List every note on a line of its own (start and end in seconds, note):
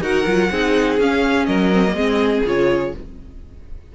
0.00 0.24 D#4
0.00 0.25 F#4
0.00 0.51 A#4
0.00 0.99 F#5
0.26 0.50 F#3
0.26 0.51 F4
0.50 0.99 C4
0.50 0.99 D#4
0.50 1.47 G#4
0.99 1.47 C#4
0.99 1.73 C#4
0.99 1.45 F5
1.45 1.93 F#3
1.45 1.95 A#4
1.45 2.42 D#5
1.73 1.85 C4
1.85 1.96 A#3
1.93 2.41 G#3
1.93 2.44 C4
1.93 2.92 G#4
2.45 2.93 C#3
2.45 2.93 F4
2.45 2.95 C#5